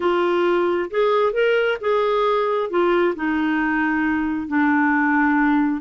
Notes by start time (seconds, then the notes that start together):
0.00 F4
0.90 G#4
1.32 A#4
1.81 G#4
2.69 F4
3.15 D#4
4.47 D4